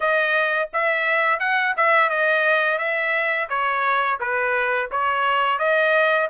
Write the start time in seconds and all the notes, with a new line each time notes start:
0.00 D#5
0.73 E5
1.40 F#5
1.76 E5
2.09 D#5
2.78 E5
3.49 C#5
4.20 B4
4.91 C#5
5.58 D#5